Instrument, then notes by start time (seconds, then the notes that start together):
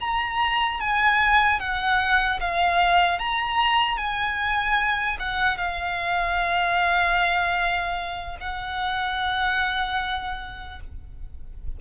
violin
0.00 A#5
0.80 G#5
1.60 F#5
2.40 F5
3.19 A#5
3.97 G#5
5.19 F#5
5.57 F5
8.40 F#5